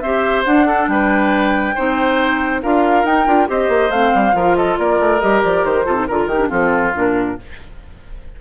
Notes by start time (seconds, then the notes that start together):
0.00 C4 G4 C5 E5
0.45 D4 F#5
0.67 A4
0.88 G3 B4 G5
1.75 C4 D#4 C5
2.62 D4 F4 A#4 F5
3.04 D#4 G5
3.27 D4 F4
3.47 C4 G4 C5 D#5
3.68 A#3
3.90 A3 C4 F5
4.14 G3
4.33 F3 F4 A#4
4.56 A4 D#5
4.78 A#3 A#4 D5
4.99 A3
5.20 G3 G4 D#5
5.43 F3 D5
5.64 D#3 C5
5.85 C3 F4 A4
5.95 D#4
6.07 D3 F4 A#4
6.26 D#3 D#4 G4
6.39 D4
6.49 F3 C4 F4 A4
6.94 A#2 D4 A#4